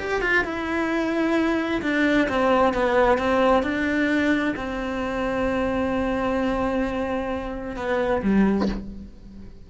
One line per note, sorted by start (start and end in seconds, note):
0.00 0.22 G4
0.22 0.45 F4
0.45 1.82 E4
1.82 2.28 D4
2.29 2.74 C4
2.74 3.18 B3
3.18 3.63 C4
3.63 4.54 D4
4.57 7.77 C4
7.77 8.22 B3
8.23 8.69 G3